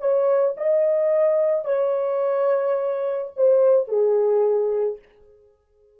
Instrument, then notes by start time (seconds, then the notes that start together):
horn
0.00 C#5
0.57 D#5
1.65 C#5
3.36 C5
3.88 G#4